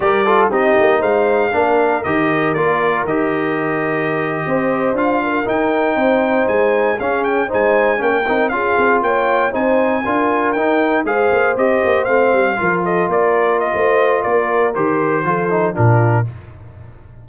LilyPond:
<<
  \new Staff \with { instrumentName = "trumpet" } { \time 4/4 \tempo 4 = 118 d''4 dis''4 f''2 | dis''4 d''4 dis''2~ | dis''4.~ dis''16 f''4 g''4~ g''16~ | g''8. gis''4 f''8 g''8 gis''4 g''16~ |
g''8. f''4 g''4 gis''4~ gis''16~ | gis''8. g''4 f''4 dis''4 f''16~ | f''4~ f''16 dis''8 d''4 dis''4~ dis''16 | d''4 c''2 ais'4 | }
  \new Staff \with { instrumentName = "horn" } { \time 4/4 ais'8 a'8 g'4 c''4 ais'4~ | ais'1~ | ais'8. c''4. ais'4. c''16~ | c''4.~ c''16 gis'4 c''4 ais'16~ |
ais'8. gis'4 cis''4 c''4 ais'16~ | ais'4.~ ais'16 c''2~ c''16~ | c''8. ais'8 a'8 ais'4~ ais'16 c''4 | ais'2 a'4 f'4 | }
  \new Staff \with { instrumentName = "trombone" } { \time 4/4 g'8 f'8 dis'2 d'4 | g'4 f'4 g'2~ | g'4.~ g'16 f'4 dis'4~ dis'16~ | dis'4.~ dis'16 cis'4 dis'4 cis'16~ |
cis'16 dis'8 f'2 dis'4 f'16~ | f'8. dis'4 gis'4 g'4 c'16~ | c'8. f'2.~ f'16~ | f'4 g'4 f'8 dis'8 d'4 | }
  \new Staff \with { instrumentName = "tuba" } { \time 4/4 g4 c'8 ais8 gis4 ais4 | dis4 ais4 dis2~ | dis8. c'4 d'4 dis'4 c'16~ | c'8. gis4 cis'4 gis4 ais16~ |
ais16 c'8 cis'8 c'8 ais4 c'4 d'16~ | d'8. dis'4 gis8 ais8 c'8 ais8 a16~ | a16 g8 f4 ais4~ ais16 a4 | ais4 dis4 f4 ais,4 | }
>>